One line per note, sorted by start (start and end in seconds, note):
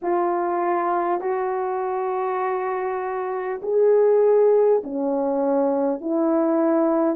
0.02 1.20 F4
1.20 3.60 F#4
3.62 4.82 G#4
4.83 6.00 C#4
6.00 7.16 E4